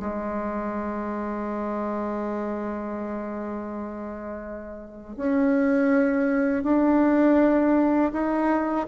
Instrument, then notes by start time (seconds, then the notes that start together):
bassoon
0.00 G#3
5.17 C#4
6.64 D4
8.13 D#4